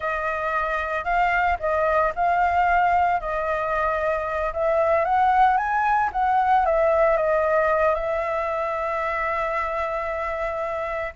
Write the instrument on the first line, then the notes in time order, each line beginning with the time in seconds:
flute
0.00 D#5
1.04 F5
1.59 D#5
2.15 F5
3.20 D#5
4.53 E5
5.04 F#5
5.57 G#5
6.12 F#5
6.65 E5
7.16 D#5
7.94 E5